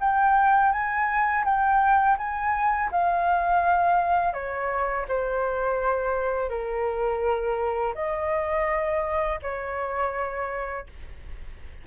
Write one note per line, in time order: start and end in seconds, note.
0.00 0.72 G5
0.72 1.44 G#5
1.44 2.17 G5
2.18 2.90 G#5
2.91 4.33 F5
4.33 5.06 C#5
5.08 6.49 C5
6.49 7.94 A#4
7.95 9.39 D#5
9.42 10.86 C#5